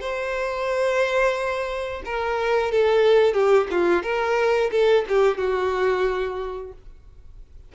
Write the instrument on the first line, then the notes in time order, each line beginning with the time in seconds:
violin
0.00 C5
2.05 A#4
2.71 A4
3.33 G4
3.70 F4
4.03 A#4
4.71 A4
5.08 G4
5.37 F#4